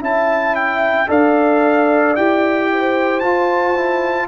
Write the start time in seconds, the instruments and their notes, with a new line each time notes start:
0.00 tuba C#4, trombone E4, horn E5, trumpet A5
0.55 trumpet G5
1.07 tuba D4, trombone A4, horn D5, trumpet F5
2.15 tuba E4, trombone G4, trumpet G5
2.72 horn C5
3.19 tuba F4, trombone F4, trumpet A5
3.76 trombone E4